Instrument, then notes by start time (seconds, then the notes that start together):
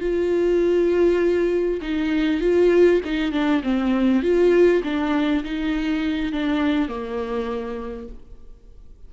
viola
0.00 F4
1.81 D#4
2.41 F4
3.05 D#4
3.32 D4
3.63 C4
4.22 F4
4.83 D4
5.44 D#4
6.32 D4
6.88 A#3